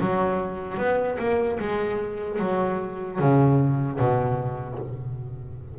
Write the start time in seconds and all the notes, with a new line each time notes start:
0.00 F#3
0.78 B3
1.19 A#3
1.60 G#3
2.39 F#3
3.19 C#3
3.99 B2